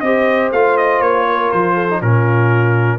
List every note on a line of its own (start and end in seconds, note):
0.00 0.51 C4
0.00 0.54 G4
0.00 1.27 C5
0.00 0.50 D#5
0.51 1.00 A3
0.51 1.89 F4
0.51 0.77 F5
0.77 1.01 D#5
1.00 1.50 A#3
1.00 1.51 C#5
1.28 1.74 A#4
1.51 2.01 F3
1.51 2.01 C5
1.74 1.99 A4
1.89 2.02 D#4
2.00 2.99 A#2
2.00 2.99 C#4
2.00 2.99 F4
2.00 2.99 A#4